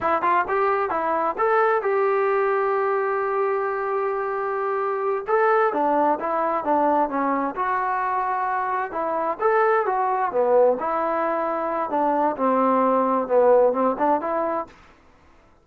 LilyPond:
\new Staff \with { instrumentName = "trombone" } { \time 4/4 \tempo 4 = 131 e'8 f'8 g'4 e'4 a'4 | g'1~ | g'2.~ g'8 a'8~ | a'8 d'4 e'4 d'4 cis'8~ |
cis'8 fis'2. e'8~ | e'8 a'4 fis'4 b4 e'8~ | e'2 d'4 c'4~ | c'4 b4 c'8 d'8 e'4 | }